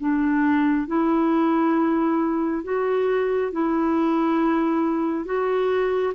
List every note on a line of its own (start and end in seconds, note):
0.00 0.87 D4
0.87 2.64 E4
2.64 3.53 F#4
3.53 5.25 E4
5.25 6.14 F#4